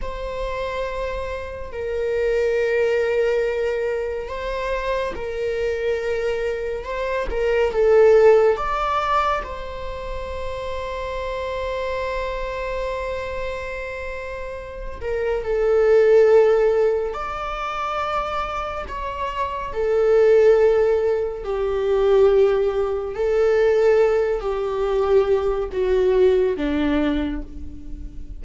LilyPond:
\new Staff \with { instrumentName = "viola" } { \time 4/4 \tempo 4 = 70 c''2 ais'2~ | ais'4 c''4 ais'2 | c''8 ais'8 a'4 d''4 c''4~ | c''1~ |
c''4. ais'8 a'2 | d''2 cis''4 a'4~ | a'4 g'2 a'4~ | a'8 g'4. fis'4 d'4 | }